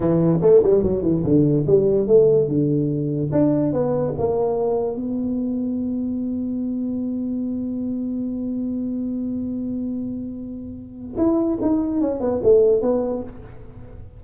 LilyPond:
\new Staff \with { instrumentName = "tuba" } { \time 4/4 \tempo 4 = 145 e4 a8 g8 fis8 e8 d4 | g4 a4 d2 | d'4 b4 ais2 | b1~ |
b1~ | b1~ | b2. e'4 | dis'4 cis'8 b8 a4 b4 | }